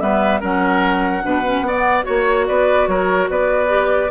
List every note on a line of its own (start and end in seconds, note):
0.00 0.42 G3
0.00 0.41 B3
0.00 0.40 B4
0.00 0.41 E5
0.40 1.24 F#3
0.40 1.22 C#4
0.40 1.22 A#4
0.40 2.04 F#5
1.22 1.61 B2
1.22 1.42 D4
1.22 1.66 B4
1.44 1.64 C#4
1.61 2.02 B3
1.61 2.03 B3
1.67 2.05 D5
2.03 2.49 A#3
2.03 3.68 F#4
2.03 2.45 C#5
2.03 2.46 C#5
2.47 2.87 B3
2.47 2.89 B4
2.47 2.87 D5
2.87 3.28 F#3
2.87 3.30 A#4
2.87 3.28 C#5
3.29 4.11 B3
3.29 4.11 B4
3.29 4.11 D5
3.68 4.09 G4